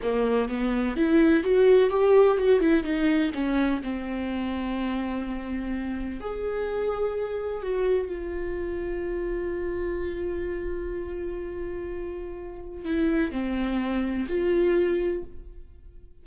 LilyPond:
\new Staff \with { instrumentName = "viola" } { \time 4/4 \tempo 4 = 126 ais4 b4 e'4 fis'4 | g'4 fis'8 e'8 dis'4 cis'4 | c'1~ | c'4 gis'2. |
fis'4 f'2.~ | f'1~ | f'2. e'4 | c'2 f'2 | }